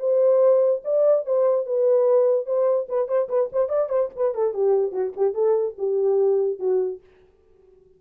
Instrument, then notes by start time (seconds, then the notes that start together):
horn
0.00 C5
0.85 D5
1.26 C5
1.66 B4
2.46 C5
2.89 B4
3.08 C5
3.29 B4
3.53 C5
3.69 D5
3.89 C5
4.16 B4
4.34 A4
4.54 G4
4.92 F#4
5.16 G4
5.34 A4
5.79 G4
6.60 F#4